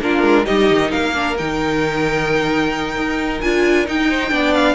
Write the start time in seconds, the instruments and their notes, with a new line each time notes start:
0.00 cello A#3, viola D4, violin F4 A#4
0.22 cello G#3
0.45 cello G3, viola D#4, violin G4 D#5
0.70 cello D#3
0.90 cello A#3, violin A#4 F5
1.14 viola D4
1.37 cello D#3, viola D#4, violin G5
2.96 cello D#4
3.40 cello D4, viola F4, violin G#5
3.85 viola D#4, cello D#4, violin G5
4.08 violin C5
4.30 cello B3, viola D4, violin D5
4.54 violin F5